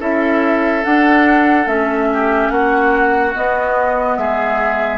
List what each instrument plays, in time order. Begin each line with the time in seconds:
0.00 bassoon C#4, clarinet E4, oboe A4, flute E5
0.84 clarinet D4, bassoon D4, flute F#5
1.66 bassoon A3, clarinet C#4, flute E5
2.13 oboe G4
2.50 bassoon A#3, oboe F#4, flute F#5
3.35 clarinet B3, bassoon B3, flute D#5
4.16 bassoon G#3, oboe G#4, flute E5